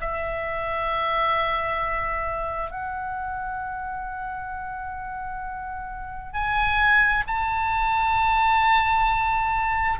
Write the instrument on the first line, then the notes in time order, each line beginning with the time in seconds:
oboe
0.00 E5
2.70 F#5
6.33 G#5
7.27 A5